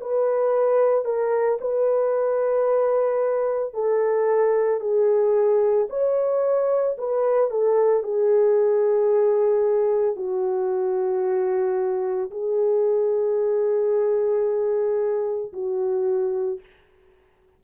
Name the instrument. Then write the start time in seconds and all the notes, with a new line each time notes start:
horn
0.00 B4
1.05 A#4
1.61 B4
3.73 A4
4.80 G#4
5.89 C#5
6.98 B4
7.50 A4
8.03 G#4
10.16 F#4
12.31 G#4
15.53 F#4